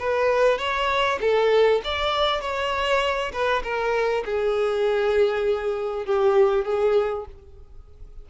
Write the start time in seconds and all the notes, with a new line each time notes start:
0.00 B4
0.59 C#5
1.21 A4
1.85 D5
2.41 C#5
3.33 B4
3.64 A#4
4.25 G#4
6.06 G4
6.65 G#4